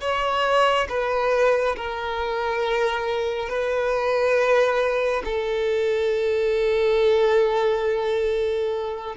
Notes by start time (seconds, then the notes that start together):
0.00 C#5
0.89 B4
1.75 A#4
3.49 B4
5.24 A4